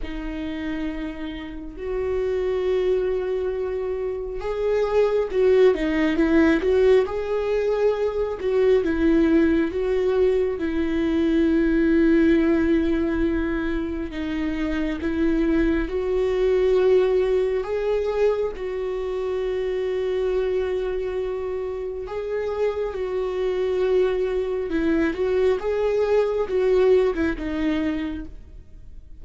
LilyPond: \new Staff \with { instrumentName = "viola" } { \time 4/4 \tempo 4 = 68 dis'2 fis'2~ | fis'4 gis'4 fis'8 dis'8 e'8 fis'8 | gis'4. fis'8 e'4 fis'4 | e'1 |
dis'4 e'4 fis'2 | gis'4 fis'2.~ | fis'4 gis'4 fis'2 | e'8 fis'8 gis'4 fis'8. e'16 dis'4 | }